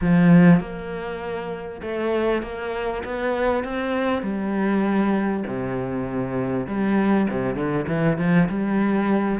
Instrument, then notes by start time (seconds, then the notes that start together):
cello
0.01 F3
0.60 A#3
1.81 A3
2.42 A#3
3.04 B3
3.64 C4
4.22 G3
5.46 C3
6.66 G3
7.30 C3
7.55 D3
7.87 E3
8.18 F3
8.48 G3